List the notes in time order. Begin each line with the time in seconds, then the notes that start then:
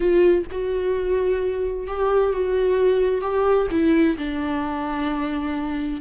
0.00 F4
0.51 F#4
1.87 G4
2.32 F#4
3.21 G4
3.70 E4
4.17 D4